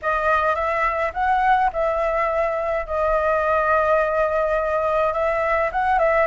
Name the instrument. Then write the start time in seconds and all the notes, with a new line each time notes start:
flute
0.02 D#5
0.55 E5
1.13 F#5
1.72 E5
2.86 D#5
5.13 E5
5.72 F#5
5.98 E5